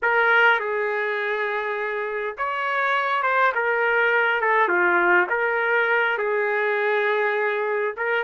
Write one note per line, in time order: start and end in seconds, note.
0.02 0.59 A#4
0.59 2.36 G#4
2.37 3.22 C#5
3.22 3.52 C5
3.55 4.41 A#4
4.41 4.68 A4
4.68 5.27 F4
5.29 6.17 A#4
6.18 7.94 G#4
7.96 8.23 A#4